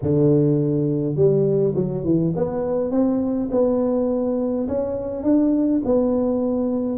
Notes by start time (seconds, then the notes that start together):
0.02 D3
1.15 G3
1.75 F#3
2.04 E3
2.36 B3
2.91 C4
3.51 B3
4.68 C#4
5.23 D4
5.84 B3